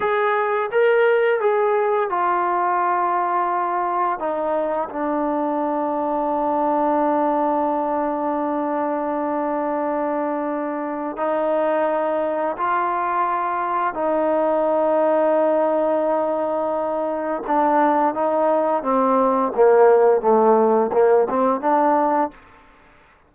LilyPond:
\new Staff \with { instrumentName = "trombone" } { \time 4/4 \tempo 4 = 86 gis'4 ais'4 gis'4 f'4~ | f'2 dis'4 d'4~ | d'1~ | d'1 |
dis'2 f'2 | dis'1~ | dis'4 d'4 dis'4 c'4 | ais4 a4 ais8 c'8 d'4 | }